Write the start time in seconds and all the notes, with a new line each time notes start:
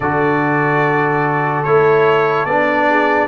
0.00 D3 F#4 A4 D5
1.63 A3 E4 C#5
2.45 B3 D4 D5
2.89 G#4